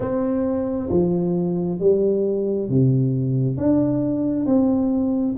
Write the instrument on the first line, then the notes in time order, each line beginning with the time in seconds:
tuba
0.00 C4
0.90 F3
1.79 G3
2.69 C3
3.57 D4
4.45 C4